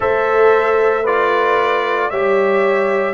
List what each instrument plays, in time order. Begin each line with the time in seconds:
0.00 tuba A3, trombone A4, horn C5, trumpet E5
1.03 trombone F4, horn B4, trumpet D5
2.09 tuba G3, trombone G4, horn C#5, trumpet E5